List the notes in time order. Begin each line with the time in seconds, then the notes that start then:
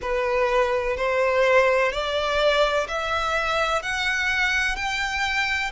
0.01 B4
0.96 C5
1.92 D5
2.87 E5
3.82 F#5
4.76 G5